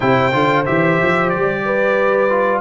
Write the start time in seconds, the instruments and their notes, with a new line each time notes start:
0.00 tuba C3, trombone E4, horn C5, trumpet G5
0.32 tuba D3, trombone F4
0.65 tuba E3, trombone G4, trumpet E5
1.02 tuba F3
1.29 tuba G3, trumpet D5
1.65 horn B4
2.29 trombone F4